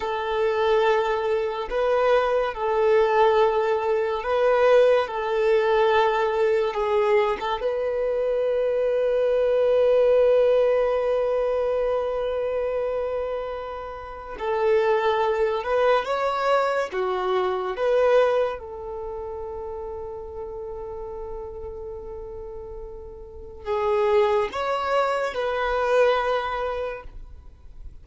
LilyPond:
\new Staff \with { instrumentName = "violin" } { \time 4/4 \tempo 4 = 71 a'2 b'4 a'4~ | a'4 b'4 a'2 | gis'8. a'16 b'2.~ | b'1~ |
b'4 a'4. b'8 cis''4 | fis'4 b'4 a'2~ | a'1 | gis'4 cis''4 b'2 | }